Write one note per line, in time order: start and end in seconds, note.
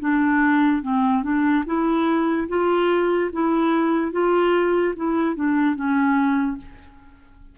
0.00 0.82 D4
0.82 1.23 C4
1.23 1.64 D4
1.66 2.48 E4
2.48 3.31 F4
3.33 4.12 E4
4.12 4.94 F4
4.96 5.35 E4
5.35 5.75 D4
5.75 6.58 C#4